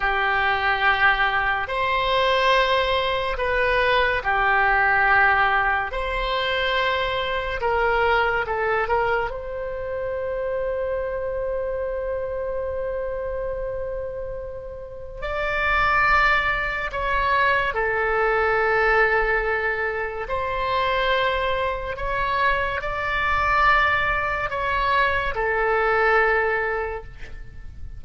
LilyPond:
\new Staff \with { instrumentName = "oboe" } { \time 4/4 \tempo 4 = 71 g'2 c''2 | b'4 g'2 c''4~ | c''4 ais'4 a'8 ais'8 c''4~ | c''1~ |
c''2 d''2 | cis''4 a'2. | c''2 cis''4 d''4~ | d''4 cis''4 a'2 | }